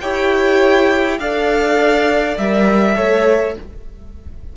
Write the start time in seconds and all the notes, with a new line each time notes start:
0.00 E4 G4 C#5 G5
1.18 D4 A4 D5 F5
2.37 G3 A#4 E5
2.95 A3 A4 C#5